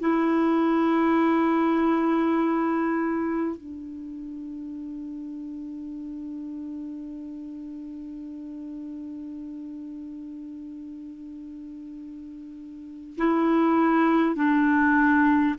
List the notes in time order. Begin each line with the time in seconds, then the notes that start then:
0.00 E4
3.57 D4
13.18 E4
14.36 D4